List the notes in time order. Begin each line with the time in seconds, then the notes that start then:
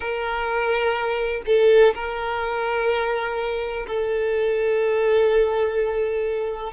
0.00 A#4
1.46 A4
1.94 A#4
3.87 A4